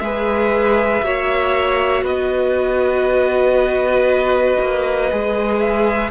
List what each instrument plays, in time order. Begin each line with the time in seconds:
0.00 cello G#3, viola G#4, violin B4 E5
1.02 cello A#3, viola F#4, violin C#5
2.03 cello B3, violin B4 D#5
4.60 cello A#3
5.11 cello G#3, viola G#4
5.59 violin E5